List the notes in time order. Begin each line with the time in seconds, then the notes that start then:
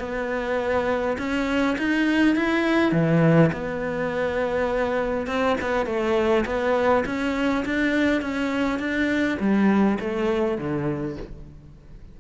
0.00 B3
1.18 C#4
1.78 D#4
2.36 E4
2.92 E3
3.53 B3
5.27 C4
5.61 B3
5.86 A3
6.46 B3
7.06 C#4
7.66 D4
8.22 C#4
8.79 D4
9.40 G3
10.00 A3
10.58 D3